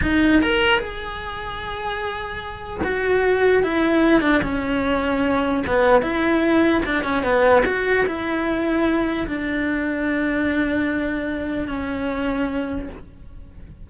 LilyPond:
\new Staff \with { instrumentName = "cello" } { \time 4/4 \tempo 4 = 149 dis'4 ais'4 gis'2~ | gis'2. fis'4~ | fis'4 e'4. d'8 cis'4~ | cis'2 b4 e'4~ |
e'4 d'8 cis'8 b4 fis'4 | e'2. d'4~ | d'1~ | d'4 cis'2. | }